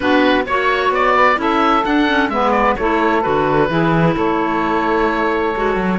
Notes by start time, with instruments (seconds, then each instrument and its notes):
0.00 cello B3, clarinet D4, saxophone F#4, oboe B4
0.45 cello A#3, clarinet F#4, saxophone C#5, oboe C#5
0.90 cello B3, oboe D5
1.14 saxophone B4
1.36 cello C#4, clarinet E4, saxophone A4, oboe E5
1.84 clarinet D4, cello D4, oboe F#5
2.08 clarinet C#4
2.29 cello G#3, clarinet B3, saxophone B4, oboe E5
2.51 oboe D5
2.76 cello A3, clarinet E4, saxophone A4, oboe C#5
3.22 cello D3, clarinet F#4, oboe B4
3.69 cello E3, clarinet E4, saxophone G#4
4.14 cello A3, saxophone A4, oboe C#5
5.55 cello G#3, clarinet F#4
5.76 cello F#3